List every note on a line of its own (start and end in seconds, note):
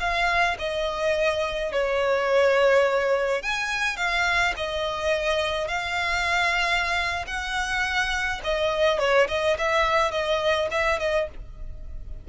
0.00 0.57 F5
0.59 1.73 D#5
1.73 3.43 C#5
3.43 3.97 G#5
3.97 4.54 F5
4.57 5.68 D#5
5.68 7.25 F5
7.27 8.42 F#5
8.44 8.99 D#5
8.99 9.28 C#5
9.29 9.57 D#5
9.59 10.12 E5
10.12 10.69 D#5
10.71 11.00 E5
11.00 11.28 D#5